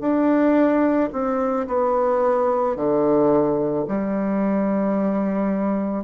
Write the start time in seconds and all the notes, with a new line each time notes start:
0.00 D4
1.12 C4
1.67 B3
2.76 D3
3.87 G3